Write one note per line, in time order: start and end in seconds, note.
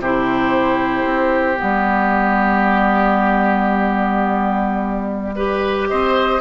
0.00 1.04 C3
0.00 1.56 E4
0.00 5.36 G4
0.00 1.60 C5
1.05 1.57 C4
1.56 5.34 B3
1.56 5.89 D5
1.63 5.91 G3
5.36 6.41 G4
5.36 5.88 B4
5.89 6.42 C4
5.89 6.42 C5
5.89 6.41 D#5